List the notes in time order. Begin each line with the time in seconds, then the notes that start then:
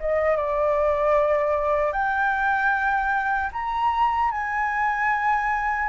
0.00 D#5
0.37 D5
1.92 G5
3.52 A#5
4.31 G#5